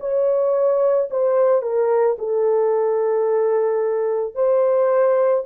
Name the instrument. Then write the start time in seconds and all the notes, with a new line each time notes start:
horn
0.00 C#5
1.10 C5
1.62 A#4
2.18 A4
4.35 C5